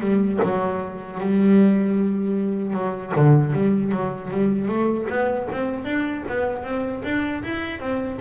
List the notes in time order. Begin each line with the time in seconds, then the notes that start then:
0.00 G3
0.43 F#3
1.20 G3
2.73 F#3
3.16 D3
3.53 G3
3.92 F#3
4.30 G3
4.68 A3
5.09 B3
5.51 C4
5.84 D4
6.28 B3
6.63 C4
7.04 D4
7.43 E4
7.80 C4